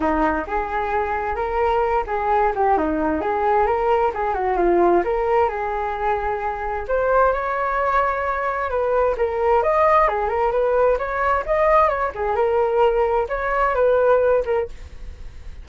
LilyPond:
\new Staff \with { instrumentName = "flute" } { \time 4/4 \tempo 4 = 131 dis'4 gis'2 ais'4~ | ais'8 gis'4 g'8 dis'4 gis'4 | ais'4 gis'8 fis'8 f'4 ais'4 | gis'2. c''4 |
cis''2. b'4 | ais'4 dis''4 gis'8 ais'8 b'4 | cis''4 dis''4 cis''8 gis'8 ais'4~ | ais'4 cis''4 b'4. ais'8 | }